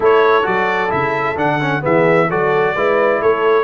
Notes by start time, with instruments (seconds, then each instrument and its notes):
0.00 tuba A3, trombone E4, horn A4, trumpet C#5
0.42 tuba F#3, trombone F#4, trumpet D5
0.89 tuba C#3, trombone E4, trumpet E5
1.36 tuba D3, trombone D4, trumpet F#5
1.61 trombone C#4
1.81 tuba E3, trombone B3, horn G#4, trumpet E5
2.29 tuba F#3, trombone F#4, horn A4, trumpet D5
2.75 tuba G#3, trombone E4, horn B4
3.21 tuba A3, horn A4, trumpet C#5